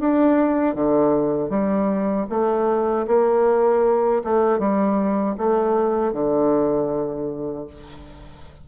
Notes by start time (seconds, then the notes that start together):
0.00 D4
0.75 D3
1.50 G3
2.30 A3
3.07 A#3
4.24 A3
4.59 G3
5.38 A3
6.13 D3